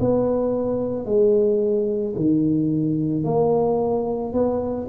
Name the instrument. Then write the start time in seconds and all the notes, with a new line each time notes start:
tuba
0.00 B3
1.06 G#3
2.16 D#3
3.24 A#3
4.33 B3